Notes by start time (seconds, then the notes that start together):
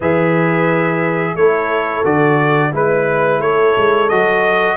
0.00 E3 G#4 B4 E5
1.34 A3 E4 A4 C#5
2.04 D3 F#4 D5
2.72 G#3 E4 B4
3.39 A3 A4 C#5
3.77 G#3
4.09 F#3 F#4 D#5